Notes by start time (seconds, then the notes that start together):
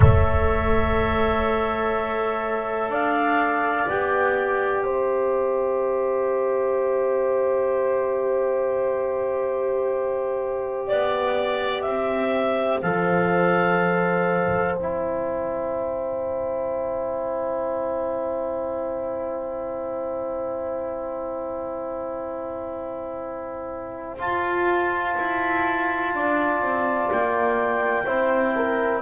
0.00 A3 A4 C#5 E5
2.89 D4 D5 F5
3.88 B3 G4 G5
4.84 C4 C5 E5
10.86 B3 D5
11.82 C4 C5 E5
12.82 F3 A4 F5
14.74 C4 E4 G5
24.18 F4 A5
25.17 E4
26.14 D4 D5
26.61 C4
27.11 A#3 G5
28.05 C4 E4 C5
28.55 A#4